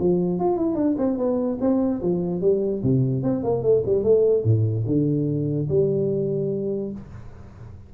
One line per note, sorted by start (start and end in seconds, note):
0.00 0.40 F3
0.40 0.58 F4
0.58 0.75 E4
0.75 0.96 D4
0.98 1.17 C4
1.17 1.58 B3
1.61 2.02 C4
2.02 2.42 F3
2.42 2.82 G3
2.83 3.23 C3
3.23 3.44 C4
3.44 3.63 A#3
3.63 3.83 A3
3.86 4.04 G3
4.04 4.44 A3
4.44 4.85 A2
4.86 5.68 D3
5.69 6.92 G3